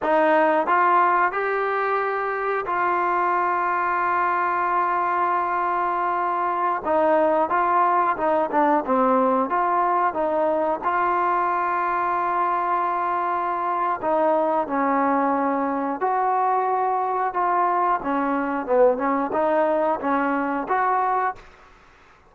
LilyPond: \new Staff \with { instrumentName = "trombone" } { \time 4/4 \tempo 4 = 90 dis'4 f'4 g'2 | f'1~ | f'2~ f'16 dis'4 f'8.~ | f'16 dis'8 d'8 c'4 f'4 dis'8.~ |
dis'16 f'2.~ f'8.~ | f'4 dis'4 cis'2 | fis'2 f'4 cis'4 | b8 cis'8 dis'4 cis'4 fis'4 | }